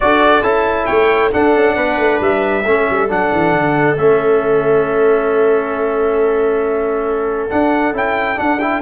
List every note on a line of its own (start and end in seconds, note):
0.00 0.42 D4
0.00 0.42 F#4
0.00 0.86 A4
0.00 0.43 D5
0.42 0.86 C#4
0.42 1.31 E4
0.42 0.86 A5
0.86 1.34 A3
0.86 1.31 C#5
0.86 1.30 G5
1.31 2.63 D4
1.31 1.55 D4
1.31 1.76 A4
1.31 2.21 F#5
1.55 1.76 C#4
1.76 1.97 B3
1.76 2.64 B4
1.97 2.19 A3
2.20 2.64 G3
2.20 3.10 E5
2.64 2.86 A3
2.64 3.08 C#4
2.64 8.81 A4
2.89 3.09 G3
3.08 3.31 F#3
3.08 3.96 D4
3.08 3.97 F#5
3.32 3.54 E3
3.54 3.97 D3
3.97 7.50 A3
3.97 7.50 C#4
3.97 7.50 E5
7.50 7.93 D4
7.50 7.94 F#5
7.93 8.37 C#4
7.93 8.36 E4
7.93 8.39 G5
8.36 8.58 D4
8.36 8.81 D4
8.36 8.59 F#5
8.59 8.81 E4
8.59 8.81 G5